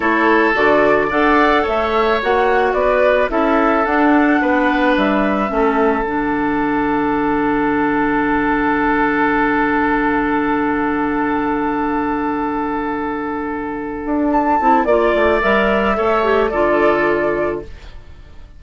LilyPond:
<<
  \new Staff \with { instrumentName = "flute" } { \time 4/4 \tempo 4 = 109 cis''4 d''4 fis''4 e''4 | fis''4 d''4 e''4 fis''4~ | fis''4 e''2 fis''4~ | fis''1~ |
fis''1~ | fis''1~ | fis''2 a''4 d''4 | e''2 d''2 | }
  \new Staff \with { instrumentName = "oboe" } { \time 4/4 a'2 d''4 cis''4~ | cis''4 b'4 a'2 | b'2 a'2~ | a'1~ |
a'1~ | a'1~ | a'2. d''4~ | d''4 cis''4 a'2 | }
  \new Staff \with { instrumentName = "clarinet" } { \time 4/4 e'4 fis'4 a'2 | fis'2 e'4 d'4~ | d'2 cis'4 d'4~ | d'1~ |
d'1~ | d'1~ | d'2~ d'8 e'8 f'4 | ais'4 a'8 g'8 f'2 | }
  \new Staff \with { instrumentName = "bassoon" } { \time 4/4 a4 d4 d'4 a4 | ais4 b4 cis'4 d'4 | b4 g4 a4 d4~ | d1~ |
d1~ | d1~ | d4. d'4 c'8 ais8 a8 | g4 a4 d2 | }
>>